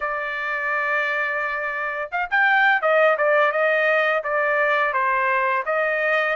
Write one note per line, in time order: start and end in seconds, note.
0.00 2.10 D5
2.11 2.29 F5
2.30 2.81 G5
2.81 3.16 D#5
3.17 3.52 D5
3.52 4.22 D#5
4.23 4.93 D5
4.93 5.63 C5
5.65 6.36 D#5